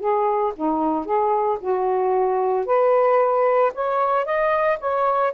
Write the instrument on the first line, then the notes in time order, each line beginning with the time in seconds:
saxophone
0.00 G#4
0.56 D#4
1.05 G#4
1.60 F#4
2.66 B4
3.74 C#5
4.26 D#5
4.80 C#5